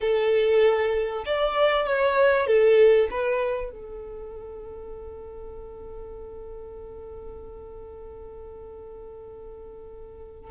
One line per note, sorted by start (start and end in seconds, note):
0.00 1.24 A4
1.25 1.86 D5
1.86 2.46 C#5
2.46 3.08 A4
3.10 3.71 B4
3.71 10.50 A4